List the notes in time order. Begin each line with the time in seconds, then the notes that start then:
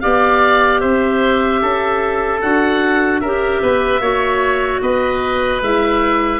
0.00 B3 G4 D5 F5
0.80 C4 C5 E5
1.61 C#4 A4
2.41 D4 F#4 F#5
3.20 C#4 G4 A#4 E5
3.62 B3 B4
3.99 A#3 F#4 C#5
4.81 B3 B4 D#5
5.61 G#3 E4 E5